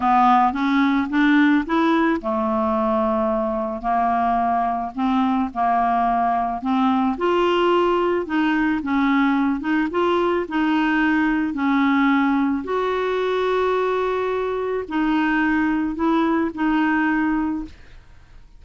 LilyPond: \new Staff \with { instrumentName = "clarinet" } { \time 4/4 \tempo 4 = 109 b4 cis'4 d'4 e'4 | a2. ais4~ | ais4 c'4 ais2 | c'4 f'2 dis'4 |
cis'4. dis'8 f'4 dis'4~ | dis'4 cis'2 fis'4~ | fis'2. dis'4~ | dis'4 e'4 dis'2 | }